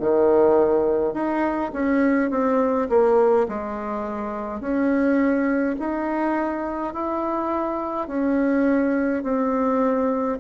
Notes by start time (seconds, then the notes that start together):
0.00 D#3
1.13 D#4
1.73 C#4
2.30 C4
2.89 A#3
3.48 G#3
4.60 C#4
5.79 D#4
6.93 E4
8.08 C#4
9.23 C4